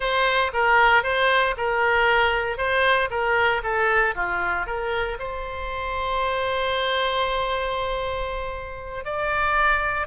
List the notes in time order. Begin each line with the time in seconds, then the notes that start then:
0.00 C5
0.53 A#4
1.03 C5
1.57 A#4
2.57 C5
3.10 A#4
3.63 A4
4.15 F4
4.66 A#4
5.19 C5
9.04 D5